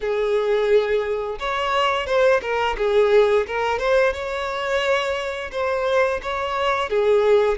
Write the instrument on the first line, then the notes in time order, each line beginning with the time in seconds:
violin
0.00 G#4
1.39 C#5
2.06 C5
2.42 A#4
2.77 G#4
3.46 A#4
3.78 C5
4.13 C#5
5.51 C5
6.22 C#5
6.89 G#4